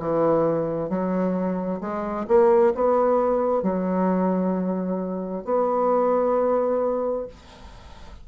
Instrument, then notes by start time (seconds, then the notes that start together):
bassoon
0.00 E3
0.89 F#3
1.81 G#3
2.28 A#3
2.75 B3
3.63 F#3
5.45 B3